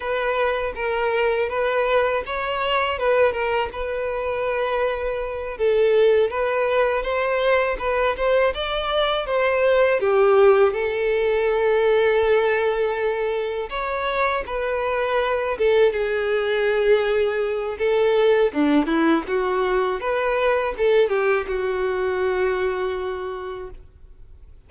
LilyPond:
\new Staff \with { instrumentName = "violin" } { \time 4/4 \tempo 4 = 81 b'4 ais'4 b'4 cis''4 | b'8 ais'8 b'2~ b'8 a'8~ | a'8 b'4 c''4 b'8 c''8 d''8~ | d''8 c''4 g'4 a'4.~ |
a'2~ a'8 cis''4 b'8~ | b'4 a'8 gis'2~ gis'8 | a'4 d'8 e'8 fis'4 b'4 | a'8 g'8 fis'2. | }